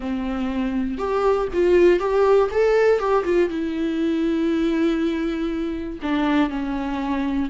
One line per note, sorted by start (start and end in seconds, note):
0.00 0.97 C4
0.97 1.47 G4
1.53 1.99 F4
1.99 2.49 G4
2.50 2.99 A4
2.99 3.24 G4
3.24 3.49 F4
3.49 5.99 E4
6.02 6.49 D4
6.49 7.49 C#4